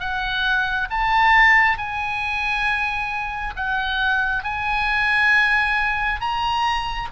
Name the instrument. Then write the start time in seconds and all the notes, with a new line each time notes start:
oboe
0.00 F#5
0.90 A5
1.78 G#5
3.56 F#5
4.44 G#5
6.20 A#5